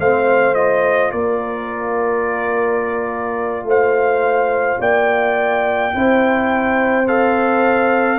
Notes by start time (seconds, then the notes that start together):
0.00 A3 C4 C5 F5
0.54 F4 D#5
1.12 A#3 A#4 D5
3.64 A3 C5
3.70 F5
4.80 A#3 D5 G5
5.92 C4 E4 C5
7.08 A4 F5